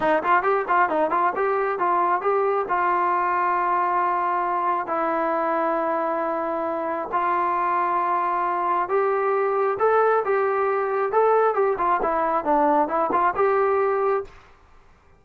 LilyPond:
\new Staff \with { instrumentName = "trombone" } { \time 4/4 \tempo 4 = 135 dis'8 f'8 g'8 f'8 dis'8 f'8 g'4 | f'4 g'4 f'2~ | f'2. e'4~ | e'1 |
f'1 | g'2 a'4 g'4~ | g'4 a'4 g'8 f'8 e'4 | d'4 e'8 f'8 g'2 | }